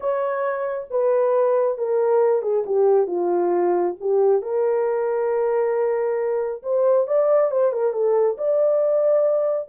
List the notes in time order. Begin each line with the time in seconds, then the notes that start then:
0.00 C#5
0.90 B4
1.78 A#4
2.42 G#4
2.66 G4
3.06 F4
4.00 G4
4.42 A#4
6.63 C5
7.07 D5
7.51 C5
7.72 A#4
7.92 A4
8.37 D5